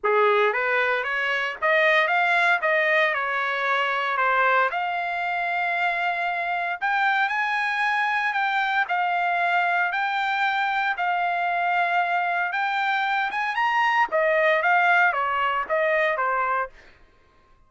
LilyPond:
\new Staff \with { instrumentName = "trumpet" } { \time 4/4 \tempo 4 = 115 gis'4 b'4 cis''4 dis''4 | f''4 dis''4 cis''2 | c''4 f''2.~ | f''4 g''4 gis''2 |
g''4 f''2 g''4~ | g''4 f''2. | g''4. gis''8 ais''4 dis''4 | f''4 cis''4 dis''4 c''4 | }